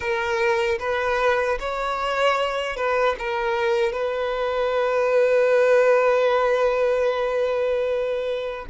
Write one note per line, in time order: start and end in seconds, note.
0.00 0.78 A#4
0.79 1.58 B4
1.59 2.76 C#5
2.76 3.15 B4
3.19 3.92 A#4
3.92 8.66 B4